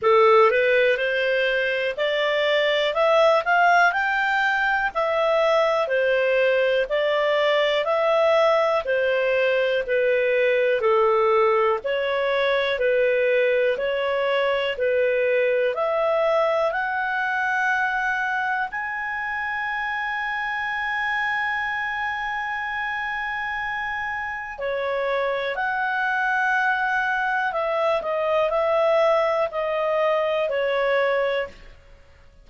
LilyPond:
\new Staff \with { instrumentName = "clarinet" } { \time 4/4 \tempo 4 = 61 a'8 b'8 c''4 d''4 e''8 f''8 | g''4 e''4 c''4 d''4 | e''4 c''4 b'4 a'4 | cis''4 b'4 cis''4 b'4 |
e''4 fis''2 gis''4~ | gis''1~ | gis''4 cis''4 fis''2 | e''8 dis''8 e''4 dis''4 cis''4 | }